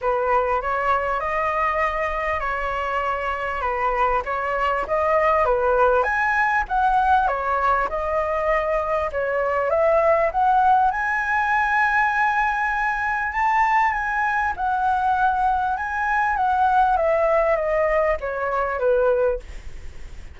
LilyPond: \new Staff \with { instrumentName = "flute" } { \time 4/4 \tempo 4 = 99 b'4 cis''4 dis''2 | cis''2 b'4 cis''4 | dis''4 b'4 gis''4 fis''4 | cis''4 dis''2 cis''4 |
e''4 fis''4 gis''2~ | gis''2 a''4 gis''4 | fis''2 gis''4 fis''4 | e''4 dis''4 cis''4 b'4 | }